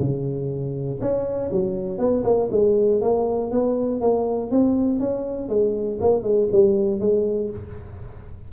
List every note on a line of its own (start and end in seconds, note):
0.00 1.00 C#3
1.01 1.51 C#4
1.52 1.99 F#3
1.99 2.24 B3
2.25 2.50 A#3
2.51 3.01 G#3
3.01 3.51 A#3
3.52 4.01 B3
4.01 4.51 A#3
4.51 5.00 C4
5.00 5.49 C#4
5.49 5.99 G#3
6.01 6.23 A#3
6.23 6.48 G#3
6.52 7.00 G3
7.00 7.50 G#3